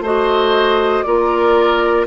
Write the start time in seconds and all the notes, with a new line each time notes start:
0.00 A3 F#4 C5 D#5
1.03 A#3 F4 A#4 D5